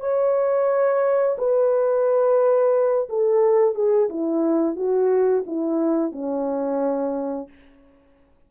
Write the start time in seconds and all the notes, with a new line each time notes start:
0.00 C#5
1.38 B4
3.09 A4
3.75 G#4
4.09 E4
4.76 F#4
5.46 E4
6.12 C#4